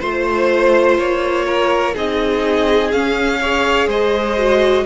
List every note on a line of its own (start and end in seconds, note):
0.00 0.99 A3
0.00 1.95 F4
0.00 0.97 C5
0.00 1.45 C5
0.98 1.96 A#3
0.98 1.95 C#5
1.46 1.94 A#4
1.94 2.92 C4
1.94 2.92 D#4
1.94 3.39 G#4
1.94 2.91 D#5
2.91 3.87 C#4
2.91 3.42 C#4
2.91 3.88 F5
3.40 4.37 G#4
3.40 3.87 C#5
3.87 4.84 G#3
3.87 4.84 C5
3.87 4.85 D#5
4.37 4.85 F#4